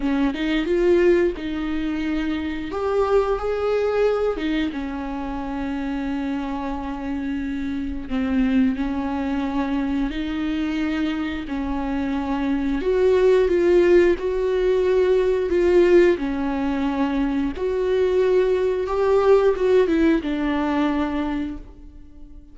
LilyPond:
\new Staff \with { instrumentName = "viola" } { \time 4/4 \tempo 4 = 89 cis'8 dis'8 f'4 dis'2 | g'4 gis'4. dis'8 cis'4~ | cis'1 | c'4 cis'2 dis'4~ |
dis'4 cis'2 fis'4 | f'4 fis'2 f'4 | cis'2 fis'2 | g'4 fis'8 e'8 d'2 | }